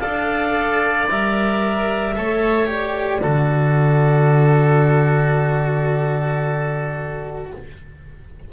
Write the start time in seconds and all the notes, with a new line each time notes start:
0.00 D4 A4 D5 F5
1.10 G3 A#4 E5
2.17 A3 A4 C#5
2.67 G4 D5
3.22 D3 F#4 A4